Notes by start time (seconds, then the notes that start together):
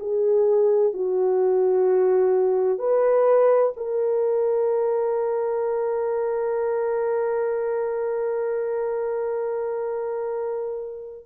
0.00 G#4
0.94 F#4
2.79 B4
3.77 A#4